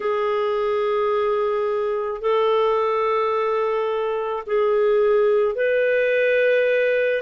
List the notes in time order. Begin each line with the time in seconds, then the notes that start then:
0.00 G#4
2.21 A4
4.46 G#4
5.55 B4